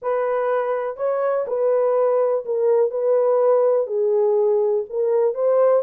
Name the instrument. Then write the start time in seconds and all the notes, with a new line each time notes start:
horn
0.02 B4
0.96 C#5
1.47 B4
2.45 A#4
2.90 B4
3.87 G#4
4.89 A#4
5.34 C5